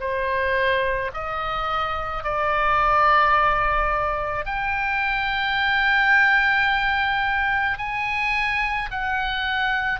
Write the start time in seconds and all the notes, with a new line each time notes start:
0.00 C5
1.13 D#5
2.23 D5
4.45 G5
7.78 G#5
8.90 F#5